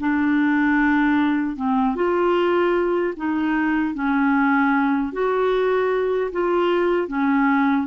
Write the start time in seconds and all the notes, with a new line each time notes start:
0.00 D4
1.56 C4
1.96 F4
3.17 D#4
3.95 C#4
5.13 F#4
6.32 F4
7.08 C#4